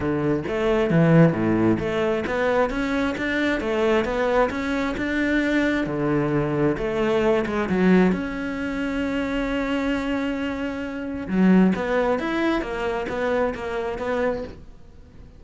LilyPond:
\new Staff \with { instrumentName = "cello" } { \time 4/4 \tempo 4 = 133 d4 a4 e4 a,4 | a4 b4 cis'4 d'4 | a4 b4 cis'4 d'4~ | d'4 d2 a4~ |
a8 gis8 fis4 cis'2~ | cis'1~ | cis'4 fis4 b4 e'4 | ais4 b4 ais4 b4 | }